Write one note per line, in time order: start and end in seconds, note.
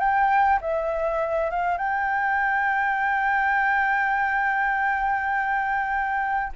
0.00 0.59 G5
0.62 1.51 E5
1.51 1.78 F5
1.78 6.53 G5